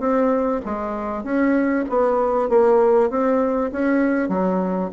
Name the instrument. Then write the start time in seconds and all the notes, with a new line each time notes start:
bassoon
0.00 C4
0.65 G#3
1.24 C#4
1.90 B3
2.49 A#3
3.11 C4
3.72 C#4
4.29 F#3